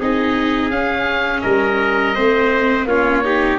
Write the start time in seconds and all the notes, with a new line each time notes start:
0.00 C4 D#4 G#4 D#5
0.70 C#4 F5
1.42 G3 A#4 D#5
2.15 A3 C4 C5
2.85 A#3 C#4 F4 C#5
3.24 D#4 G4